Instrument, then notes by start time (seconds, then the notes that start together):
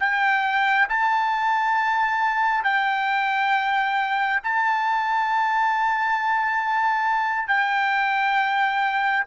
trumpet
0.00 G5
0.89 A5
2.64 G5
4.44 A5
7.48 G5